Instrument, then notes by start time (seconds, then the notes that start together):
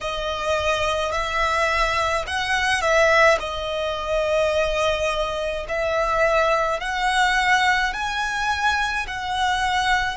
violin
0.00 D#5
1.12 E5
2.26 F#5
2.81 E5
3.40 D#5
5.68 E5
6.79 F#5
7.92 G#5
9.07 F#5